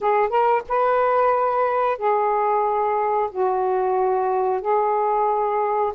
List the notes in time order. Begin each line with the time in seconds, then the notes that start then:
0.00 G#4
0.29 A#4
0.68 B4
1.98 G#4
3.31 F#4
4.61 G#4